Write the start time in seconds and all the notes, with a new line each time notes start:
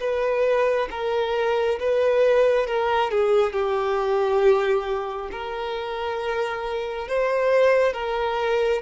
0.00 B4
0.91 A#4
1.80 B4
2.67 A#4
3.11 G#4
3.53 G4
5.31 A#4
7.08 C5
7.93 A#4